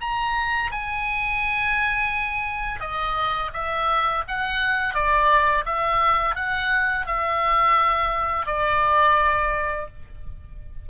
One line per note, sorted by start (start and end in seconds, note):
0.00 0.71 A#5
0.71 2.80 G#5
2.80 3.51 D#5
3.53 4.24 E5
4.27 4.94 F#5
4.94 5.64 D5
5.65 6.35 E5
6.35 7.06 F#5
7.06 8.46 E5
8.46 9.87 D5